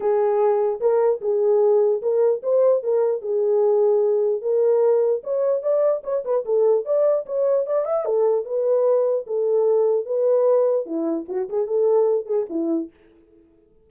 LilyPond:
\new Staff \with { instrumentName = "horn" } { \time 4/4 \tempo 4 = 149 gis'2 ais'4 gis'4~ | gis'4 ais'4 c''4 ais'4 | gis'2. ais'4~ | ais'4 cis''4 d''4 cis''8 b'8 |
a'4 d''4 cis''4 d''8 e''8 | a'4 b'2 a'4~ | a'4 b'2 e'4 | fis'8 gis'8 a'4. gis'8 e'4 | }